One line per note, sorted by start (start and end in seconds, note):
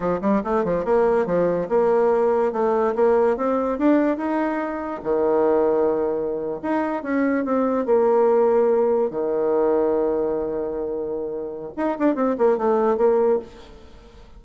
0.00 0.19 F3
0.21 0.42 G3
0.44 0.64 A3
0.64 0.84 F3
0.84 1.26 A#3
1.26 1.68 F3
1.68 2.52 A#3
2.52 2.94 A3
2.95 3.37 A#3
3.37 3.78 C4
3.78 4.17 D4
4.17 5.01 D#4
5.03 6.60 D#3
6.62 7.03 D#4
7.03 7.44 C#4
7.44 7.85 C4
7.85 9.10 A#3
9.10 11.72 D#3
11.76 11.97 D#4
11.98 12.15 D4
12.15 12.36 C4
12.38 12.57 A#3
12.57 12.97 A3
12.97 13.39 A#3